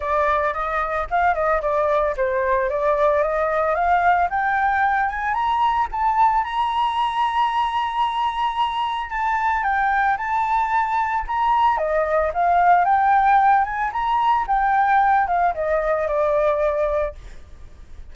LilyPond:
\new Staff \with { instrumentName = "flute" } { \time 4/4 \tempo 4 = 112 d''4 dis''4 f''8 dis''8 d''4 | c''4 d''4 dis''4 f''4 | g''4. gis''8 ais''4 a''4 | ais''1~ |
ais''4 a''4 g''4 a''4~ | a''4 ais''4 dis''4 f''4 | g''4. gis''8 ais''4 g''4~ | g''8 f''8 dis''4 d''2 | }